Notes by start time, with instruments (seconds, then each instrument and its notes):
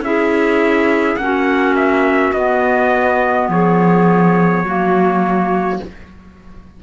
0.00 cello C#4, clarinet E4 G#4, trumpet E5
1.16 cello A#3, clarinet C#4, trumpet F#5
1.23 clarinet F#4
1.75 trumpet E5
2.32 cello B3, clarinet B3, trumpet D#5
3.48 cello F3, clarinet G#4, trumpet C#5
4.63 cello F#3, clarinet A#3 F#4